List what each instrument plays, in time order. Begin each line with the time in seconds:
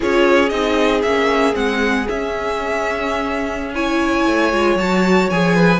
0.00 cello C#4, viola F4, violin G#4 C#5
0.49 cello C4, viola D#4, violin D#5
1.02 cello A#3, viola C#4, violin E5
1.53 cello G#3, viola C4, violin F#5
2.08 viola C#4, cello C#4, violin E5
3.74 viola E4, violin C#5 G#5
4.26 cello A3
4.52 cello G#3, viola F4
4.75 cello F#3, viola F#4, violin A5
5.30 cello F3, viola G#4, violin G#5
5.55 violin B4